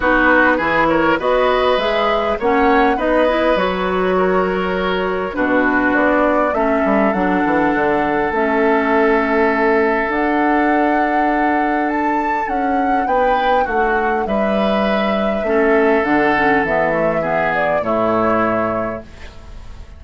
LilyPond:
<<
  \new Staff \with { instrumentName = "flute" } { \time 4/4 \tempo 4 = 101 b'4. cis''8 dis''4 e''4 | fis''4 dis''4 cis''2~ | cis''4 b'4 d''4 e''4 | fis''2 e''2~ |
e''4 fis''2. | a''4 fis''4 g''4 fis''4 | e''2. fis''4 | e''4. d''8 cis''2 | }
  \new Staff \with { instrumentName = "oboe" } { \time 4/4 fis'4 gis'8 ais'8 b'2 | cis''4 b'2 ais'4~ | ais'4 fis'2 a'4~ | a'1~ |
a'1~ | a'2 b'4 fis'4 | b'2 a'2~ | a'4 gis'4 e'2 | }
  \new Staff \with { instrumentName = "clarinet" } { \time 4/4 dis'4 e'4 fis'4 gis'4 | cis'4 dis'8 e'8 fis'2~ | fis'4 d'2 cis'4 | d'2 cis'2~ |
cis'4 d'2.~ | d'1~ | d'2 cis'4 d'8 cis'8 | b8 a8 b4 a2 | }
  \new Staff \with { instrumentName = "bassoon" } { \time 4/4 b4 e4 b4 gis4 | ais4 b4 fis2~ | fis4 b,4 b4 a8 g8 | fis8 e8 d4 a2~ |
a4 d'2.~ | d'4 cis'4 b4 a4 | g2 a4 d4 | e2 a,2 | }
>>